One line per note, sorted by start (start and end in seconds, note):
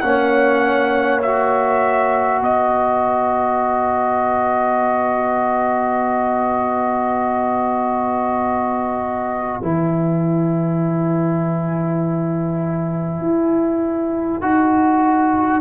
0.00 2.40 A#3
0.00 1.22 C#4
0.00 2.42 C#5
0.00 1.20 F#5
1.22 9.62 F#4
1.22 2.42 E5
2.40 9.60 B3
2.40 15.61 B4
2.40 9.63 D#5
9.62 13.21 E3
9.62 14.41 E4
9.62 15.61 G#5
13.21 14.41 E4
14.41 15.61 D#4
14.41 15.61 F#4